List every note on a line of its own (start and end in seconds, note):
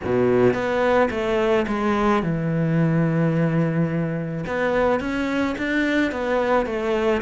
0.04 0.53 B2
0.53 1.09 B3
1.10 1.66 A3
1.67 2.22 G#3
2.22 4.44 E3
4.46 5.00 B3
5.00 5.55 C#4
5.57 6.11 D4
6.11 6.66 B3
6.66 7.21 A3